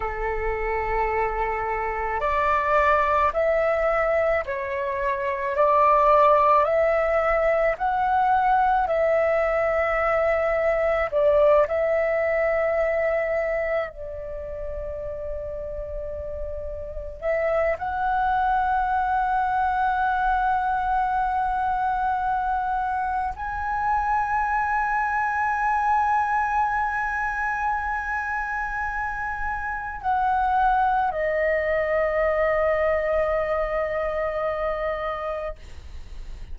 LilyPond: \new Staff \with { instrumentName = "flute" } { \time 4/4 \tempo 4 = 54 a'2 d''4 e''4 | cis''4 d''4 e''4 fis''4 | e''2 d''8 e''4.~ | e''8 d''2. e''8 |
fis''1~ | fis''4 gis''2.~ | gis''2. fis''4 | dis''1 | }